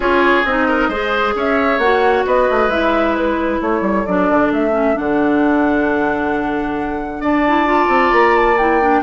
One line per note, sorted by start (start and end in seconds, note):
0.00 0.42 C#4
0.00 0.43 F4
0.00 0.67 G#4
0.00 0.44 C#5
0.44 0.88 C4
0.44 0.91 D#4
0.44 1.35 D#5
0.67 0.88 A#4
0.88 1.33 G#3
0.88 1.81 G#4
0.88 1.34 C5
1.35 1.78 C#4
1.35 2.26 C#5
1.35 1.79 E5
1.78 2.23 A#3
1.78 2.70 F#4
1.78 2.24 F#5
2.26 2.48 B3
2.26 3.60 B4
2.26 2.70 D#5
2.50 2.68 A3
2.68 3.58 G#3
2.68 4.05 E4
2.68 3.15 E5
3.15 3.61 B4
3.60 3.81 A3
3.60 7.20 A4
3.60 4.06 C#5
3.81 4.03 G3
4.06 4.30 F#3
4.06 4.71 D4
4.06 4.51 D5
4.30 4.51 D3
4.51 4.96 A3
4.51 4.97 E5
4.71 4.93 C#4
4.94 7.20 D3
4.94 7.42 D4
4.94 7.23 F#5
7.20 7.88 D4
7.20 9.01 D5
7.20 8.13 A5
7.47 7.65 E4
7.65 8.56 F4
7.88 8.10 C4
8.12 9.02 A#3
8.12 8.36 A#5
8.36 8.58 A5
8.58 8.81 E4
8.58 9.02 G5
8.81 9.02 D4